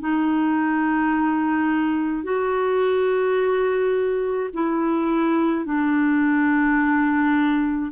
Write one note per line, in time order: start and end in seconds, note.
0.00 2.23 D#4
2.23 4.50 F#4
4.53 5.65 E4
5.65 7.91 D4